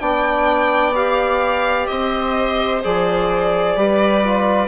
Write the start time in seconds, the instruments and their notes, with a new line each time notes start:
0.00 bassoon B3, trombone D4, viola D5, violin G5
0.95 trombone G4, violin F5
1.87 bassoon C4, viola C5, violin D#5
2.84 bassoon F3, trombone G#4, violin D5
3.77 bassoon G3, trombone G4, viola B4
4.24 trombone F4